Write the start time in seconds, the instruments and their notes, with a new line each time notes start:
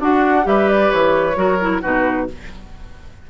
0.00 oboe D4, bassoon D4, clarinet F#4, flute F#5
0.43 bassoon G3, clarinet G4, oboe B4, flute E5
0.69 flute D5
0.91 bassoon E3, flute C#5
1.35 bassoon F#3, clarinet F#4, oboe A#4
1.61 clarinet E4
1.82 bassoon B2, clarinet D#4, oboe F#4, flute B4